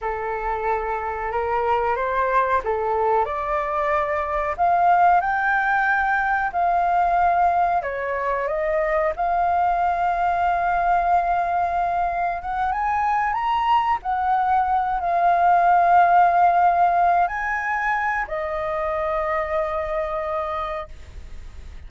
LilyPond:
\new Staff \with { instrumentName = "flute" } { \time 4/4 \tempo 4 = 92 a'2 ais'4 c''4 | a'4 d''2 f''4 | g''2 f''2 | cis''4 dis''4 f''2~ |
f''2. fis''8 gis''8~ | gis''8 ais''4 fis''4. f''4~ | f''2~ f''8 gis''4. | dis''1 | }